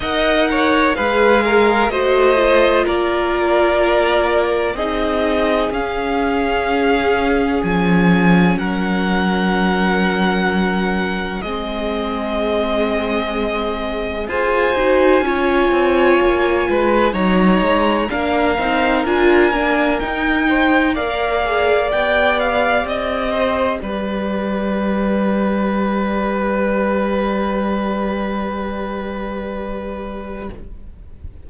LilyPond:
<<
  \new Staff \with { instrumentName = "violin" } { \time 4/4 \tempo 4 = 63 fis''4 f''4 dis''4 d''4~ | d''4 dis''4 f''2 | gis''4 fis''2. | dis''2. gis''4~ |
gis''2 ais''4 f''4 | gis''4 g''4 f''4 g''8 f''8 | dis''4 d''2.~ | d''1 | }
  \new Staff \with { instrumentName = "violin" } { \time 4/4 dis''8 cis''8 b'8 ais'8 c''4 ais'4~ | ais'4 gis'2.~ | gis'4 ais'2. | gis'2. c''4 |
cis''4. b'8 cis''4 ais'4~ | ais'4. c''8 d''2~ | d''8 c''8 b'2.~ | b'1 | }
  \new Staff \with { instrumentName = "viola" } { \time 4/4 ais'4 gis'4 fis'8 f'4.~ | f'4 dis'4 cis'2~ | cis'1 | c'2. gis'8 fis'8 |
f'2 dis'4 d'8 dis'8 | f'8 d'8 dis'4 ais'8 gis'8 g'4~ | g'1~ | g'1 | }
  \new Staff \with { instrumentName = "cello" } { \time 4/4 dis'4 gis4 a4 ais4~ | ais4 c'4 cis'2 | f4 fis2. | gis2. f'8 dis'8 |
cis'8 c'8 ais8 gis8 fis8 gis8 ais8 c'8 | d'8 ais8 dis'4 ais4 b4 | c'4 g2.~ | g1 | }
>>